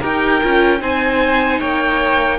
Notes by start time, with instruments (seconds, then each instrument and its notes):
0.00 cello D#4, viola G4, violin A#4 G5
0.43 cello C#4, viola F4
0.79 cello C4, viola D#4, violin C5 G#5
1.59 cello A#3, violin C#5 G5